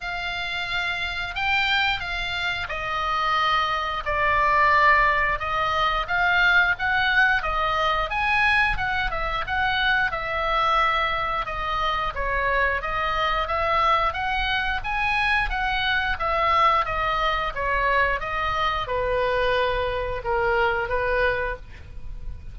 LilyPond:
\new Staff \with { instrumentName = "oboe" } { \time 4/4 \tempo 4 = 89 f''2 g''4 f''4 | dis''2 d''2 | dis''4 f''4 fis''4 dis''4 | gis''4 fis''8 e''8 fis''4 e''4~ |
e''4 dis''4 cis''4 dis''4 | e''4 fis''4 gis''4 fis''4 | e''4 dis''4 cis''4 dis''4 | b'2 ais'4 b'4 | }